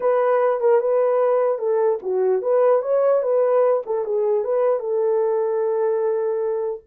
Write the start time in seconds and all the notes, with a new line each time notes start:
0.00 B4
0.60 A#4
0.80 B4
1.58 A4
2.02 F#4
2.42 B4
2.82 C#5
3.22 B4
3.85 A4
4.04 G#4
4.44 B4
4.79 A4